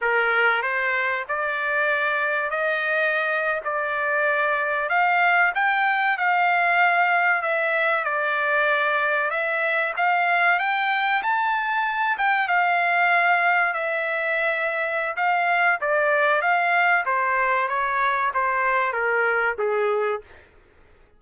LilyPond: \new Staff \with { instrumentName = "trumpet" } { \time 4/4 \tempo 4 = 95 ais'4 c''4 d''2 | dis''4.~ dis''16 d''2 f''16~ | f''8. g''4 f''2 e''16~ | e''8. d''2 e''4 f''16~ |
f''8. g''4 a''4. g''8 f''16~ | f''4.~ f''16 e''2~ e''16 | f''4 d''4 f''4 c''4 | cis''4 c''4 ais'4 gis'4 | }